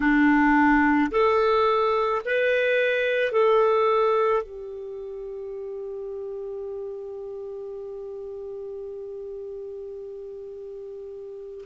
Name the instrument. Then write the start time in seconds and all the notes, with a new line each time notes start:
clarinet
0.00 D4
1.11 A4
2.25 B4
3.32 A4
4.42 G4